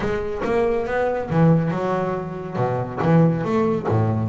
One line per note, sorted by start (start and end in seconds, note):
0.00 0.41 G#3
0.44 0.86 A#3
0.86 1.29 B3
1.30 1.70 E3
1.70 2.56 F#3
2.56 2.99 B2
3.02 3.44 E3
3.44 3.87 A3
3.88 4.28 A2